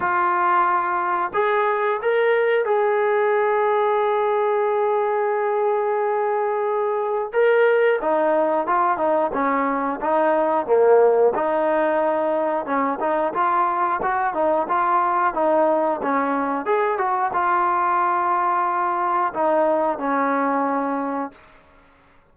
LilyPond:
\new Staff \with { instrumentName = "trombone" } { \time 4/4 \tempo 4 = 90 f'2 gis'4 ais'4 | gis'1~ | gis'2. ais'4 | dis'4 f'8 dis'8 cis'4 dis'4 |
ais4 dis'2 cis'8 dis'8 | f'4 fis'8 dis'8 f'4 dis'4 | cis'4 gis'8 fis'8 f'2~ | f'4 dis'4 cis'2 | }